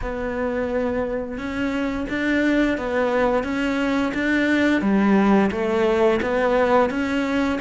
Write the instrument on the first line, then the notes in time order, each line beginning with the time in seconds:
cello
0.01 B3
1.38 C#4
2.09 D4
2.77 B3
3.43 C#4
4.14 D4
4.81 G3
5.51 A3
6.22 B3
6.90 C#4